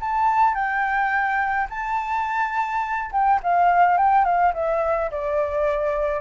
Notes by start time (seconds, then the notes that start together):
0.00 A5
0.55 G5
1.70 A5
3.12 G5
3.43 F5
3.97 G5
4.25 F5
4.54 E5
5.11 D5